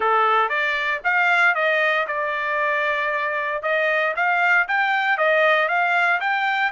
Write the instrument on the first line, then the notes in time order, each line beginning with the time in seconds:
trumpet
0.00 A4
0.49 D5
1.04 F5
1.54 D#5
2.07 D5
3.62 D#5
4.16 F5
4.68 G5
5.17 D#5
5.68 F5
6.20 G5